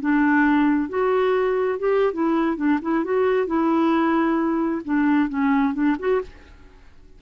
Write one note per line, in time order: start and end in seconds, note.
0.00 0.89 D4
0.89 1.79 F#4
1.79 2.13 G4
2.13 2.56 E4
2.56 2.79 D4
2.82 3.04 E4
3.04 3.46 F#4
3.46 4.81 E4
4.84 5.29 D4
5.29 5.73 C#4
5.73 5.96 D4
5.99 6.21 F#4